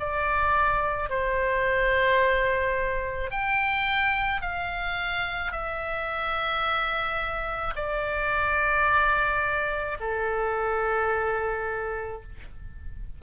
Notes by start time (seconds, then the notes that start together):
0.00 D5
1.10 C5
3.31 G5
4.42 F5
5.52 E5
7.76 D5
10.01 A4